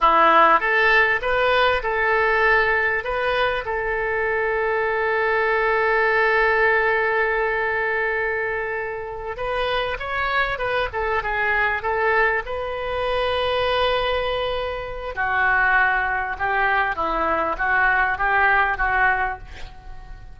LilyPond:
\new Staff \with { instrumentName = "oboe" } { \time 4/4 \tempo 4 = 99 e'4 a'4 b'4 a'4~ | a'4 b'4 a'2~ | a'1~ | a'2.~ a'8 b'8~ |
b'8 cis''4 b'8 a'8 gis'4 a'8~ | a'8 b'2.~ b'8~ | b'4 fis'2 g'4 | e'4 fis'4 g'4 fis'4 | }